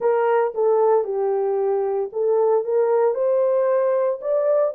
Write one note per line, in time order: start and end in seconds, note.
0.00 0.53 A#4
0.54 1.04 A4
1.04 2.10 G4
2.12 2.64 A4
2.64 3.14 A#4
3.14 4.19 C5
4.21 4.73 D5